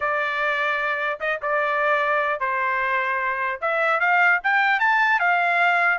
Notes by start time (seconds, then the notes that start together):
0.00 D5
1.19 D#5
1.42 D5
2.40 C5
3.61 E5
4.00 F5
4.43 G5
4.79 A5
5.19 F5